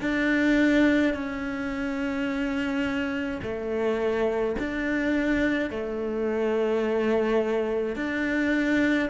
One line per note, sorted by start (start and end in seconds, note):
0.00 1.13 D4
1.13 3.40 C#4
3.42 4.55 A3
4.58 5.70 D4
5.70 7.96 A3
7.96 9.09 D4